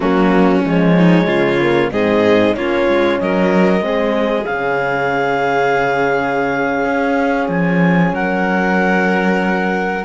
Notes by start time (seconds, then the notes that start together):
0.00 F#3 A#3 C#4 F#4
0.64 F3 G#3 C#5
0.97 D#4
1.26 C#3 F4
1.60 A#3
1.91 G#2 C4 G#4 D#5
2.55 A#3 C#4 F4 C#5
2.88 G#3
3.19 F#3 A#4 D#5
3.81 G#3 C4
3.87 G#4
4.45 C#3 C#4 F5
6.85 C#4
7.48 F3 G#5
8.12 F#3 A#4 F#5